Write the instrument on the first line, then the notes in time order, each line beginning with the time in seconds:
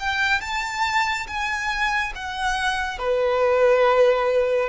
violin
0.00 G5
0.41 A5
1.27 G#5
2.15 F#5
2.98 B4